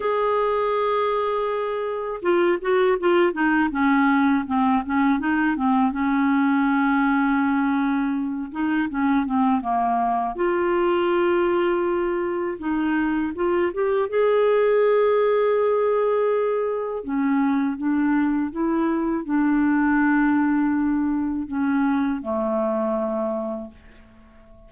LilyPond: \new Staff \with { instrumentName = "clarinet" } { \time 4/4 \tempo 4 = 81 gis'2. f'8 fis'8 | f'8 dis'8 cis'4 c'8 cis'8 dis'8 c'8 | cis'2.~ cis'8 dis'8 | cis'8 c'8 ais4 f'2~ |
f'4 dis'4 f'8 g'8 gis'4~ | gis'2. cis'4 | d'4 e'4 d'2~ | d'4 cis'4 a2 | }